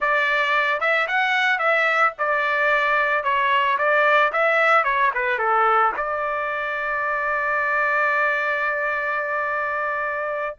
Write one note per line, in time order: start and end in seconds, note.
0.00 0.80 D5
0.80 1.07 E5
1.07 1.58 F#5
1.58 2.13 E5
2.18 3.23 D5
3.23 3.77 C#5
3.78 4.32 D5
4.32 4.84 E5
4.84 5.11 C#5
5.14 5.38 B4
5.38 5.92 A4
5.96 10.56 D5